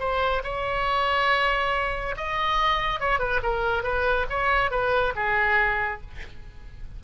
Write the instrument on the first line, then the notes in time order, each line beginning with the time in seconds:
oboe
0.00 C5
0.44 C#5
2.17 D#5
3.00 C#5
3.19 B4
3.43 A#4
3.84 B4
4.30 C#5
4.71 B4
5.16 G#4